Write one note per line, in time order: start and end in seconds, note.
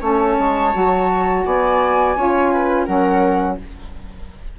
0.00 0.37 A3
0.00 0.71 C#4
0.00 1.43 C#5
0.00 1.44 A5
0.38 0.74 G#3
0.72 1.45 F#3
0.72 2.15 F#4
1.44 2.16 B3
1.44 2.17 D5
1.44 2.85 G#5
2.16 2.87 C#4
2.16 2.86 F4
2.16 2.52 C#5
2.52 2.85 B4
2.85 3.59 F#3
2.85 3.58 C#4
2.85 3.57 A#4
2.85 3.57 F#5